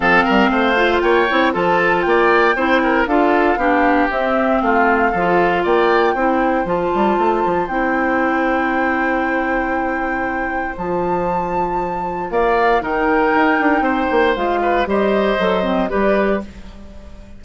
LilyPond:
<<
  \new Staff \with { instrumentName = "flute" } { \time 4/4 \tempo 4 = 117 f''2 g''4 a''4 | g''2 f''2 | e''4 f''2 g''4~ | g''4 a''2 g''4~ |
g''1~ | g''4 a''2. | f''4 g''2. | f''4 dis''2 d''4 | }
  \new Staff \with { instrumentName = "oboe" } { \time 4/4 a'8 ais'8 c''4 cis''4 a'4 | d''4 c''8 ais'8 a'4 g'4~ | g'4 f'4 a'4 d''4 | c''1~ |
c''1~ | c''1 | d''4 ais'2 c''4~ | c''8 b'8 c''2 b'4 | }
  \new Staff \with { instrumentName = "clarinet" } { \time 4/4 c'4. f'4 e'8 f'4~ | f'4 e'4 f'4 d'4 | c'2 f'2 | e'4 f'2 e'4~ |
e'1~ | e'4 f'2.~ | f'4 dis'2. | f'4 g'4 a'8 c'8 g'4 | }
  \new Staff \with { instrumentName = "bassoon" } { \time 4/4 f8 g8 a4 ais8 c'8 f4 | ais4 c'4 d'4 b4 | c'4 a4 f4 ais4 | c'4 f8 g8 a8 f8 c'4~ |
c'1~ | c'4 f2. | ais4 dis4 dis'8 d'8 c'8 ais8 | gis4 g4 fis4 g4 | }
>>